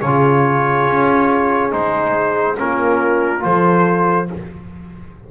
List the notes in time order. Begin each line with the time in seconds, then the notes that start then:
0.00 C#3 G#4 C#5
0.06 F4
0.87 C#4
1.71 G#3 D#4 C5
2.58 A#3 C#4 F4 A#4
3.40 F3 F4 A4 C5